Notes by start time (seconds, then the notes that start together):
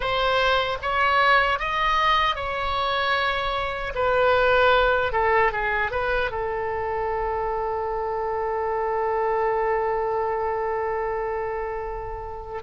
0.00 C5
0.81 C#5
1.59 D#5
2.35 C#5
3.94 B4
5.12 A4
5.52 G#4
5.91 B4
6.31 A4